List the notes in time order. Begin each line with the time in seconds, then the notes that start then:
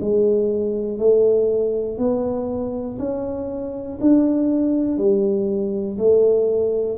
0.00 G#3
0.98 A3
1.98 B3
2.98 C#4
4.00 D4
4.97 G3
5.98 A3